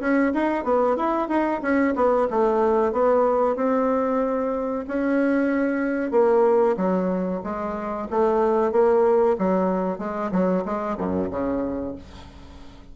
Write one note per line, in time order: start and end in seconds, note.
0.00 0.32 C#4
0.34 0.64 D#4
0.64 0.96 B3
0.96 1.29 E4
1.29 1.61 D#4
1.62 1.94 C#4
1.96 2.28 B3
2.30 2.92 A3
2.92 3.56 B3
3.56 4.85 C4
4.88 6.11 C#4
6.11 6.76 A#3
6.77 7.42 F#3
7.44 8.08 G#3
8.10 8.72 A3
8.72 9.37 A#3
9.38 9.99 F#3
9.99 10.31 G#3
10.32 10.64 F#3
10.65 10.97 G#3
10.98 11.30 F#2
11.30 11.95 C#3